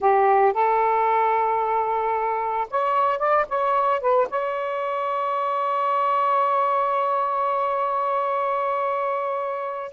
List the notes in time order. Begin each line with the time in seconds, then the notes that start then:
0.00 G4
0.53 A4
2.70 C#5
3.19 D5
3.48 C#5
4.01 B4
4.30 C#5